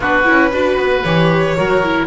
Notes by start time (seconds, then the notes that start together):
0.00 B3 D4 F#4 B4
0.24 C#4 E4
0.52 D4 F#4 B4
0.77 B3
1.03 E3 G4 C#5
1.56 F#3 F#4 A#4
1.83 E4